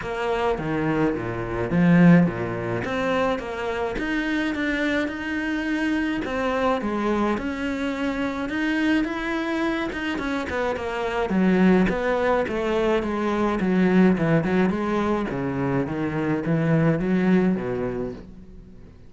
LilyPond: \new Staff \with { instrumentName = "cello" } { \time 4/4 \tempo 4 = 106 ais4 dis4 ais,4 f4 | ais,4 c'4 ais4 dis'4 | d'4 dis'2 c'4 | gis4 cis'2 dis'4 |
e'4. dis'8 cis'8 b8 ais4 | fis4 b4 a4 gis4 | fis4 e8 fis8 gis4 cis4 | dis4 e4 fis4 b,4 | }